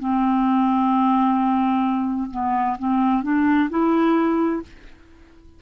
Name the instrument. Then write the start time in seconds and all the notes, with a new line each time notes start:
clarinet
0.00 C4
2.31 B3
2.79 C4
3.23 D4
3.70 E4